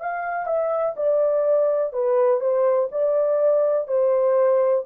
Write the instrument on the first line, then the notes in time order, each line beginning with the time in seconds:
horn
0.00 F5
0.47 E5
0.97 D5
1.93 B4
2.41 C5
2.92 D5
3.88 C5